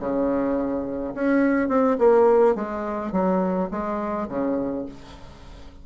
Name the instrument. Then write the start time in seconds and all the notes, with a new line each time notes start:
bassoon
0.00 C#3
1.15 C#4
1.69 C4
1.99 A#3
2.56 G#3
3.12 F#3
3.71 G#3
4.29 C#3